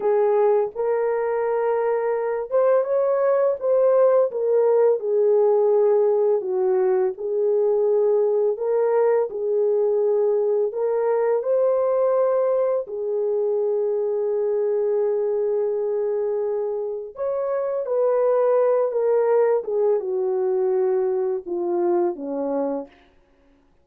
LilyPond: \new Staff \with { instrumentName = "horn" } { \time 4/4 \tempo 4 = 84 gis'4 ais'2~ ais'8 c''8 | cis''4 c''4 ais'4 gis'4~ | gis'4 fis'4 gis'2 | ais'4 gis'2 ais'4 |
c''2 gis'2~ | gis'1 | cis''4 b'4. ais'4 gis'8 | fis'2 f'4 cis'4 | }